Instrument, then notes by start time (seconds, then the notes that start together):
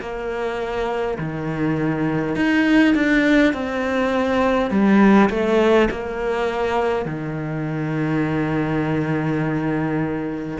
cello
0.00 A#3
1.18 D#3
2.36 D#4
2.95 D4
3.53 C4
4.71 G3
5.30 A3
5.91 A#3
7.05 D#3